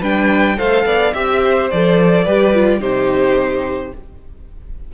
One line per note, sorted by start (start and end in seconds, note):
0.00 0.58 G3
0.00 0.57 D4
0.00 0.56 B4
0.00 0.59 G5
0.57 0.85 A3
0.57 1.13 A4
0.57 0.85 C5
0.57 1.14 F5
0.85 1.13 B3
0.85 1.14 D5
1.14 1.70 C4
1.14 1.70 G4
1.14 1.70 E5
1.14 1.42 E5
1.44 2.24 C5
1.70 2.26 F3
1.70 2.26 A4
1.70 2.81 D5
2.24 2.80 G3
2.24 2.54 G4
2.24 2.80 B4
2.54 2.80 F4
2.80 3.92 C3
2.80 3.93 D#4
2.80 3.92 G4
2.80 3.93 C5